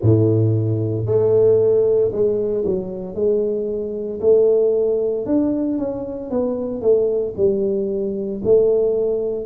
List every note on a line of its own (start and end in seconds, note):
0.01 1.06 A2
1.06 2.11 A3
2.11 2.64 G#3
2.65 3.14 F#3
3.14 4.20 G#3
4.20 5.25 A3
5.26 5.78 D4
5.78 6.30 C#4
6.30 6.81 B3
6.81 7.34 A3
7.36 8.42 G3
8.44 9.45 A3